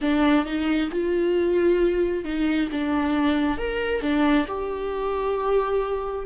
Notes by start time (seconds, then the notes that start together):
0.01 D4
0.45 D#4
0.90 F4
2.24 D#4
2.71 D4
3.57 A#4
4.01 D4
4.47 G4